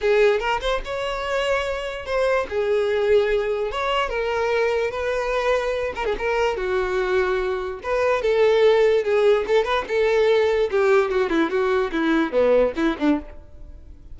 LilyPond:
\new Staff \with { instrumentName = "violin" } { \time 4/4 \tempo 4 = 146 gis'4 ais'8 c''8 cis''2~ | cis''4 c''4 gis'2~ | gis'4 cis''4 ais'2 | b'2~ b'8 ais'16 gis'16 ais'4 |
fis'2. b'4 | a'2 gis'4 a'8 b'8 | a'2 g'4 fis'8 e'8 | fis'4 e'4 b4 e'8 d'8 | }